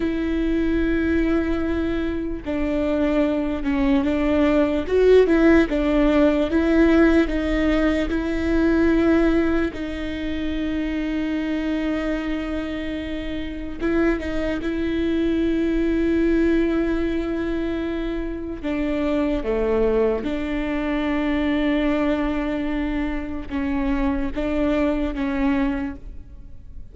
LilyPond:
\new Staff \with { instrumentName = "viola" } { \time 4/4 \tempo 4 = 74 e'2. d'4~ | d'8 cis'8 d'4 fis'8 e'8 d'4 | e'4 dis'4 e'2 | dis'1~ |
dis'4 e'8 dis'8 e'2~ | e'2. d'4 | a4 d'2.~ | d'4 cis'4 d'4 cis'4 | }